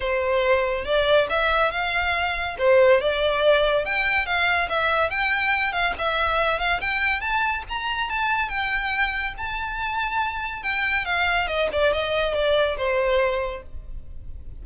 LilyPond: \new Staff \with { instrumentName = "violin" } { \time 4/4 \tempo 4 = 141 c''2 d''4 e''4 | f''2 c''4 d''4~ | d''4 g''4 f''4 e''4 | g''4. f''8 e''4. f''8 |
g''4 a''4 ais''4 a''4 | g''2 a''2~ | a''4 g''4 f''4 dis''8 d''8 | dis''4 d''4 c''2 | }